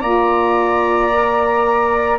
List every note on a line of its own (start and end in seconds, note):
0.00 2.18 A#3
0.00 1.11 F4
0.00 2.18 D5
0.00 2.18 A#5
1.11 2.18 A#4